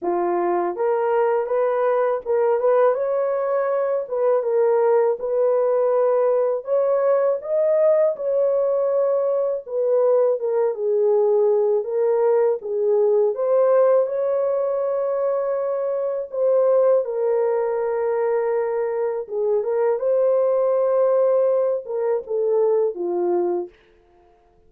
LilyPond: \new Staff \with { instrumentName = "horn" } { \time 4/4 \tempo 4 = 81 f'4 ais'4 b'4 ais'8 b'8 | cis''4. b'8 ais'4 b'4~ | b'4 cis''4 dis''4 cis''4~ | cis''4 b'4 ais'8 gis'4. |
ais'4 gis'4 c''4 cis''4~ | cis''2 c''4 ais'4~ | ais'2 gis'8 ais'8 c''4~ | c''4. ais'8 a'4 f'4 | }